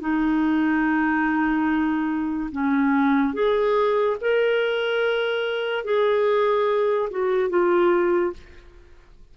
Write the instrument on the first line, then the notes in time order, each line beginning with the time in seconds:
clarinet
0.00 D#4
2.52 C#4
3.34 G#4
4.21 A#4
5.84 G#4
7.11 F#4
7.50 F4